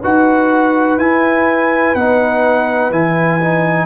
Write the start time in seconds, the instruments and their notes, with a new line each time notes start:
0.00 tuba D#4, trombone F#4, horn B4, trumpet F#5
0.97 tuba E4, trombone E4, trumpet G#5
1.95 tuba B3, trombone D#4, trumpet F#5
2.91 tuba E3, trombone E4, trumpet G#5
3.41 trombone D#4